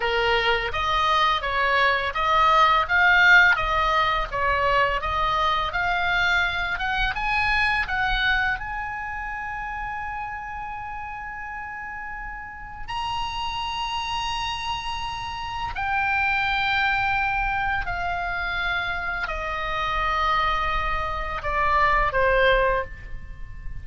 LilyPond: \new Staff \with { instrumentName = "oboe" } { \time 4/4 \tempo 4 = 84 ais'4 dis''4 cis''4 dis''4 | f''4 dis''4 cis''4 dis''4 | f''4. fis''8 gis''4 fis''4 | gis''1~ |
gis''2 ais''2~ | ais''2 g''2~ | g''4 f''2 dis''4~ | dis''2 d''4 c''4 | }